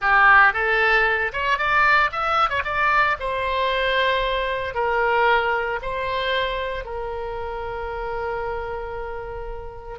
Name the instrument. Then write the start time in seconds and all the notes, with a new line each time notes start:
oboe
0.01 G4
0.53 A4
1.32 C#5
1.57 D5
2.12 E5
2.49 C#5
2.64 D5
3.19 C5
4.74 A#4
5.82 C5
6.84 A#4